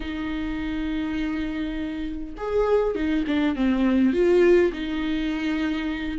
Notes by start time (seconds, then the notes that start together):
0.00 D#4
2.37 G#4
2.95 D#4
3.27 D4
3.55 C4
4.13 F4
4.72 D#4